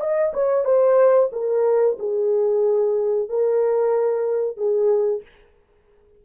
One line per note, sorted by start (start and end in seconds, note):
0.00 0.33 D#5
0.33 0.64 C#5
0.64 1.30 C5
1.32 1.97 A#4
1.99 3.29 G#4
3.29 4.57 A#4
4.57 5.22 G#4